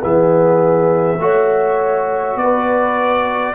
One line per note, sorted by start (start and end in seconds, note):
0.00 1.18 E3
0.00 1.18 B3
0.00 1.20 G#4
0.00 2.37 E5
1.18 2.36 A3
1.18 3.55 F#4
1.18 2.40 C#5
2.36 3.53 B3
2.36 3.55 D5
2.42 3.55 B4